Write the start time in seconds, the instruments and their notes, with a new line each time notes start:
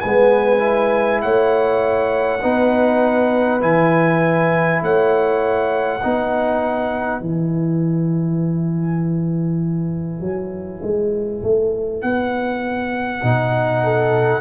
0.00 tuba G#3, trombone B3, horn B4, trumpet G#5
0.59 trombone E4
1.22 tuba A3, horn C#5, trumpet F#5
2.41 tuba B3, trombone D#4, horn B4
3.60 tuba E3, trombone E4, trumpet G#5
4.82 tuba A3, horn C#5, trumpet F#5
6.00 tuba B3, trombone D#4, horn B4
7.20 tuba E3, trombone E4, trumpet G#5
10.21 tuba F#3
10.82 tuba G#3
11.43 tuba A3
12.02 tuba B3, trumpet F#5
13.22 tuba B2, trombone D#4
13.83 horn A4